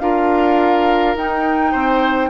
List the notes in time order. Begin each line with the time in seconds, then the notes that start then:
0.00 D4 F4 A#4 F5
1.16 D#4 G5
1.72 C4 C5